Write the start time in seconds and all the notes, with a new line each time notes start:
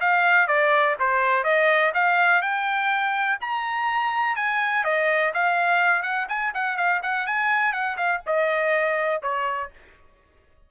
0.00 F5
0.47 D5
0.99 C5
1.44 D#5
1.94 F5
2.42 G5
3.41 A#5
4.36 G#5
4.84 D#5
5.34 F5
6.02 F#5
6.29 G#5
6.54 F#5
6.77 F5
7.02 F#5
7.27 G#5
7.72 F#5
7.97 F5
8.26 D#5
9.22 C#5